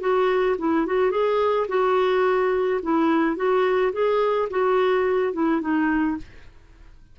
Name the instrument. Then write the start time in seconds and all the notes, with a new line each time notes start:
clarinet
0.00 F#4
0.58 E4
0.86 F#4
1.11 G#4
1.68 F#4
2.83 E4
3.36 F#4
3.92 G#4
4.50 F#4
5.33 E4
5.61 D#4